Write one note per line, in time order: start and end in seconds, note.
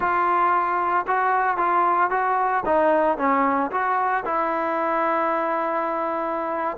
0.00 1.05 F4
1.07 1.57 F#4
1.57 2.10 F4
2.10 2.63 F#4
2.65 3.17 D#4
3.17 3.70 C#4
3.71 4.24 F#4
4.25 6.77 E4